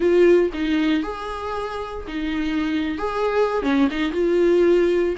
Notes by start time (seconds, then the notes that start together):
0.00 F4
0.53 D#4
1.03 G#4
2.07 D#4
2.97 G#4
3.62 C#4
3.91 D#4
4.12 F4